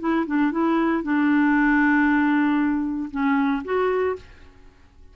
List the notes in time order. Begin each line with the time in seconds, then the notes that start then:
0.00 E4
0.27 D4
0.52 E4
1.03 D4
3.11 C#4
3.65 F#4